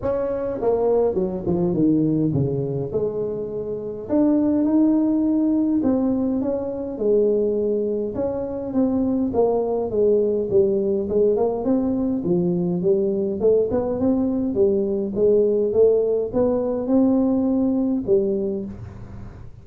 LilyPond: \new Staff \with { instrumentName = "tuba" } { \time 4/4 \tempo 4 = 103 cis'4 ais4 fis8 f8 dis4 | cis4 gis2 d'4 | dis'2 c'4 cis'4 | gis2 cis'4 c'4 |
ais4 gis4 g4 gis8 ais8 | c'4 f4 g4 a8 b8 | c'4 g4 gis4 a4 | b4 c'2 g4 | }